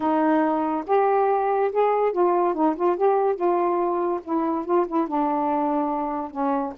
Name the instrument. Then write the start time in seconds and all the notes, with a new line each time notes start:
saxophone
0.00 D#4
0.87 G4
1.72 G#4
2.12 F4
2.54 D#4
2.76 F4
2.96 G4
3.35 F4
4.24 E4
4.65 F4
4.87 E4
5.07 D4
6.31 C#4